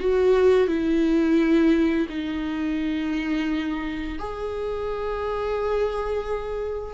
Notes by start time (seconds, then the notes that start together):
0.00 F#4
0.68 E4
2.09 D#4
4.19 G#4